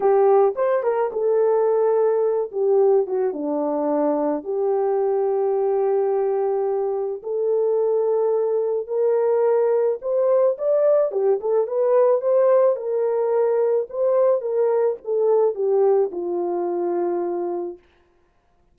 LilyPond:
\new Staff \with { instrumentName = "horn" } { \time 4/4 \tempo 4 = 108 g'4 c''8 ais'8 a'2~ | a'8 g'4 fis'8 d'2 | g'1~ | g'4 a'2. |
ais'2 c''4 d''4 | g'8 a'8 b'4 c''4 ais'4~ | ais'4 c''4 ais'4 a'4 | g'4 f'2. | }